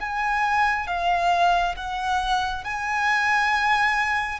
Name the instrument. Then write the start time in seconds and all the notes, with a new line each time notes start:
violin
0.00 G#5
0.87 F5
1.76 F#5
2.64 G#5